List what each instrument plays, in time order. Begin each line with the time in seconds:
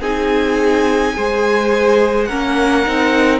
0.00 cello C4, viola D#4, violin G#4 G#5
1.13 cello G#3, viola G#4, violin C5
2.25 cello A#3, viola C#4, violin A#4 F#5
2.86 cello C4, viola D#4